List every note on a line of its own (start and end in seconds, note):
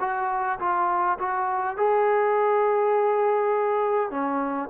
0.00 0.59 F#4
0.59 1.18 F4
1.18 1.77 F#4
1.77 4.10 G#4
4.10 4.69 C#4